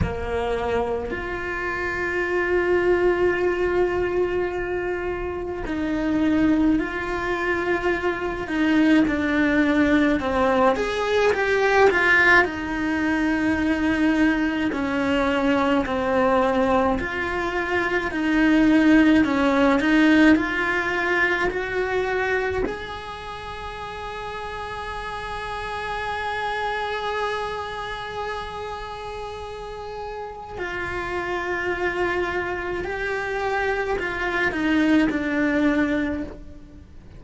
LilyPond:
\new Staff \with { instrumentName = "cello" } { \time 4/4 \tempo 4 = 53 ais4 f'2.~ | f'4 dis'4 f'4. dis'8 | d'4 c'8 gis'8 g'8 f'8 dis'4~ | dis'4 cis'4 c'4 f'4 |
dis'4 cis'8 dis'8 f'4 fis'4 | gis'1~ | gis'2. f'4~ | f'4 g'4 f'8 dis'8 d'4 | }